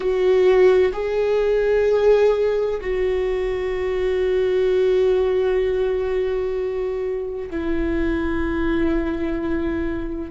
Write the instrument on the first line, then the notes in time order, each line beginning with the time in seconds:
viola
0.00 F#4
0.92 G#4
2.80 F#4
7.50 E4